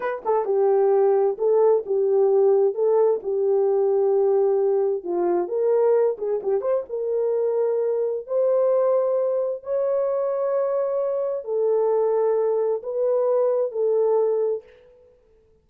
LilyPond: \new Staff \with { instrumentName = "horn" } { \time 4/4 \tempo 4 = 131 b'8 a'8 g'2 a'4 | g'2 a'4 g'4~ | g'2. f'4 | ais'4. gis'8 g'8 c''8 ais'4~ |
ais'2 c''2~ | c''4 cis''2.~ | cis''4 a'2. | b'2 a'2 | }